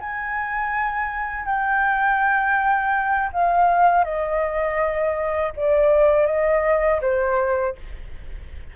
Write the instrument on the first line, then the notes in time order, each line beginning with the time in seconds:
flute
0.00 G#5
1.45 G5
3.32 F5
4.04 D#5
5.56 D5
6.26 D#5
7.01 C5